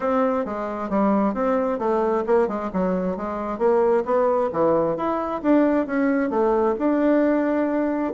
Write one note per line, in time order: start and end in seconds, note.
0.00 0.45 C4
0.45 0.89 G#3
0.89 1.33 G3
1.33 1.78 C4
1.78 2.24 A3
2.26 2.48 A#3
2.48 2.70 G#3
2.73 3.17 F#3
3.17 3.58 G#3
3.58 4.03 A#3
4.05 4.50 B3
4.52 4.96 E3
4.96 5.41 E4
5.42 5.86 D4
5.86 6.30 C#4
6.30 6.75 A3
6.78 8.13 D4